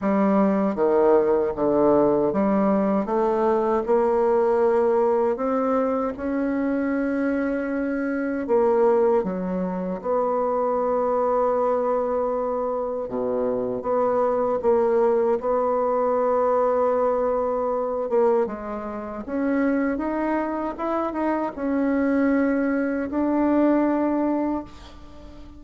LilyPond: \new Staff \with { instrumentName = "bassoon" } { \time 4/4 \tempo 4 = 78 g4 dis4 d4 g4 | a4 ais2 c'4 | cis'2. ais4 | fis4 b2.~ |
b4 b,4 b4 ais4 | b2.~ b8 ais8 | gis4 cis'4 dis'4 e'8 dis'8 | cis'2 d'2 | }